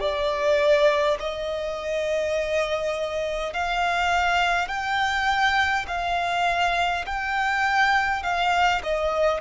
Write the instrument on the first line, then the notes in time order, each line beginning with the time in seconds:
violin
0.00 D5
1.19 D#5
3.53 F5
4.67 G5
5.88 F5
7.06 G5
8.22 F5
8.83 D#5